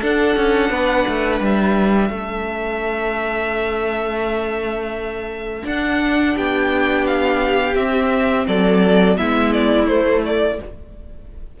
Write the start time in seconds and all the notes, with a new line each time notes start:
0.00 D4 A4 F#5
0.36 C#4
0.70 B3 B4
1.07 A3
1.40 G3 E5
2.09 A3 C#4 A4
5.62 D4 F#5
6.34 B3 G4 G5
7.06 F5
7.75 C4 E5
8.47 F#3 A4 D5
9.16 G#3 B3 E4 E5
9.52 D5
9.87 A3 C5
10.25 D5